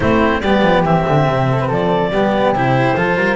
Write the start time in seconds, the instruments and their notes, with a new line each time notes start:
0.00 double bass A3, cello C4, flute E4, clarinet C5
0.40 double bass G3, cello B3, flute G4, clarinet D5
0.62 double bass F3
0.83 double bass E3, cello C4, clarinet E5
1.07 double bass D3
1.28 double bass C3
1.51 flute A4
1.60 flute B4
1.67 double bass F3, flute A4, clarinet D5
2.10 double bass G3, cello B3, flute G4
2.52 double bass C3, cello E4, clarinet C5
2.96 double bass F3, cello F4, flute A4
3.15 double bass G3, flute A#4